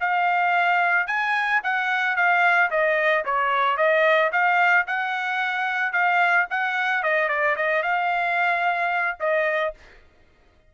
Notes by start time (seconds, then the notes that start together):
0.00 F5
1.07 G#5
1.63 F#5
2.16 F5
2.70 D#5
3.25 C#5
3.77 D#5
4.32 F5
4.87 F#5
5.92 F5
6.50 F#5
7.03 D#5
7.29 D5
7.56 D#5
7.82 F5
9.20 D#5